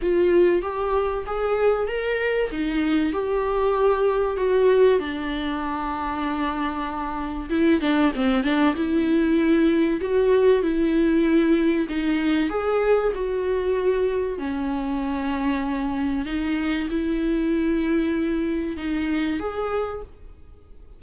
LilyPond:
\new Staff \with { instrumentName = "viola" } { \time 4/4 \tempo 4 = 96 f'4 g'4 gis'4 ais'4 | dis'4 g'2 fis'4 | d'1 | e'8 d'8 c'8 d'8 e'2 |
fis'4 e'2 dis'4 | gis'4 fis'2 cis'4~ | cis'2 dis'4 e'4~ | e'2 dis'4 gis'4 | }